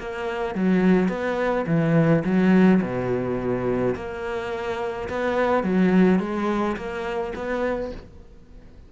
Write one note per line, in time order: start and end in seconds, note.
0.00 0.55 A#3
0.55 1.09 F#3
1.09 1.65 B3
1.67 2.23 E3
2.25 2.81 F#3
2.82 3.95 B2
3.96 5.09 A#3
5.09 5.64 B3
5.64 6.20 F#3
6.20 6.76 G#3
6.77 7.33 A#3
7.36 7.92 B3